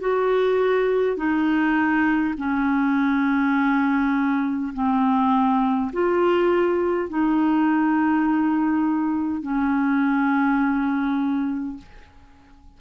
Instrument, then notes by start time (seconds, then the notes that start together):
clarinet
0.00 F#4
1.17 D#4
2.37 C#4
4.73 C4
5.93 F4
7.09 D#4
9.42 C#4